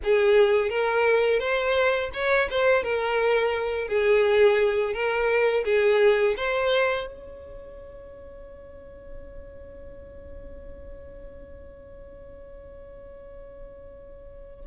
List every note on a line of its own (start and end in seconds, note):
0.03 0.69 G#4
0.69 1.39 A#4
1.39 2.10 C5
2.13 2.48 C#5
2.50 2.83 C5
2.83 3.88 A#4
3.88 4.93 G#4
4.93 5.64 A#4
5.64 6.35 G#4
6.36 7.06 C5
7.06 14.65 C#5